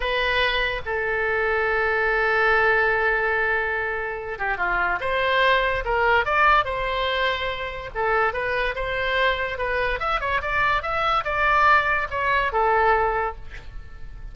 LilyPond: \new Staff \with { instrumentName = "oboe" } { \time 4/4 \tempo 4 = 144 b'2 a'2~ | a'1~ | a'2~ a'8 g'8 f'4 | c''2 ais'4 d''4 |
c''2. a'4 | b'4 c''2 b'4 | e''8 cis''8 d''4 e''4 d''4~ | d''4 cis''4 a'2 | }